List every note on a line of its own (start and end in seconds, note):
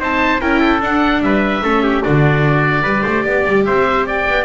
0.00 0.41 C4
0.00 0.41 D#4
0.00 0.41 C5
0.00 0.41 A5
0.41 0.80 C#4
0.41 0.82 E4
0.41 0.60 A#4
0.41 0.81 G5
0.60 1.21 A4
0.80 1.21 D4
0.80 1.63 D4
0.80 1.23 F#5
1.21 1.62 G3
1.21 1.63 B4
1.21 2.03 E5
1.62 2.03 A3
1.62 2.04 C#4
1.62 1.84 A4
1.84 2.04 G4
2.03 2.84 D3
2.03 2.85 D4
2.03 2.83 F#4
2.03 3.65 D5
2.83 3.04 G3
2.83 4.45 G4
2.83 3.03 B4
3.03 3.26 A3
3.03 3.23 C5
3.24 3.46 B3
3.24 3.64 D5
3.47 3.67 G3
3.65 4.28 C4
3.65 4.07 C5
3.65 4.06 E5
4.07 4.45 D5
4.07 4.45 G5
4.28 4.45 B3